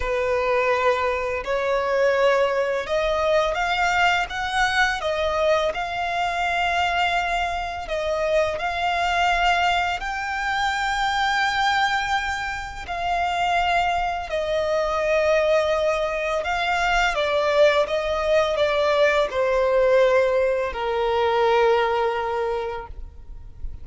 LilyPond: \new Staff \with { instrumentName = "violin" } { \time 4/4 \tempo 4 = 84 b'2 cis''2 | dis''4 f''4 fis''4 dis''4 | f''2. dis''4 | f''2 g''2~ |
g''2 f''2 | dis''2. f''4 | d''4 dis''4 d''4 c''4~ | c''4 ais'2. | }